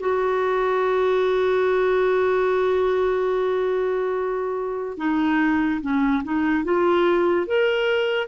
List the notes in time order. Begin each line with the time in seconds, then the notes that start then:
0.00 F#4
4.97 D#4
5.81 C#4
6.24 D#4
6.64 F4
7.47 A#4